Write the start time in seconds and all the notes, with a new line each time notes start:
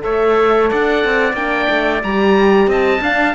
0.00 A3 A4 C#5 E5
0.71 D4 D5 F#5
1.05 C4
1.33 A#3 D4 G5
1.70 A3
2.03 G3 G4 A#5
2.67 C4 D#5 A5
3.01 D4 F5